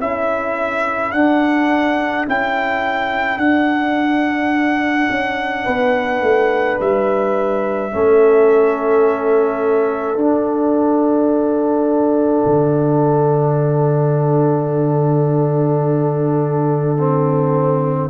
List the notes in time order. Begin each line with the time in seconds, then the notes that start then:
0.00 C#4 E4 A4 E5
1.12 D4 F#5
2.26 C#4 E4 G5
3.37 D4 F#5
5.10 C#4
5.64 B3 B4
6.22 A3
6.80 G3 E5
7.91 A3 C#4 A4
10.16 D4 F#5
12.46 D3
16.97 C4